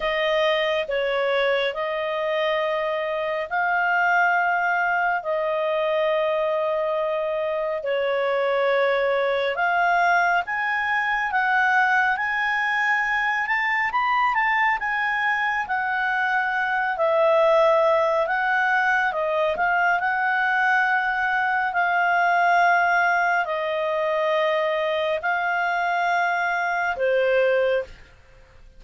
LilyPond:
\new Staff \with { instrumentName = "clarinet" } { \time 4/4 \tempo 4 = 69 dis''4 cis''4 dis''2 | f''2 dis''2~ | dis''4 cis''2 f''4 | gis''4 fis''4 gis''4. a''8 |
b''8 a''8 gis''4 fis''4. e''8~ | e''4 fis''4 dis''8 f''8 fis''4~ | fis''4 f''2 dis''4~ | dis''4 f''2 c''4 | }